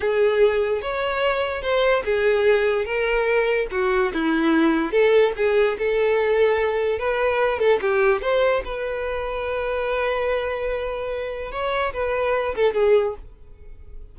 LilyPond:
\new Staff \with { instrumentName = "violin" } { \time 4/4 \tempo 4 = 146 gis'2 cis''2 | c''4 gis'2 ais'4~ | ais'4 fis'4 e'2 | a'4 gis'4 a'2~ |
a'4 b'4. a'8 g'4 | c''4 b'2.~ | b'1 | cis''4 b'4. a'8 gis'4 | }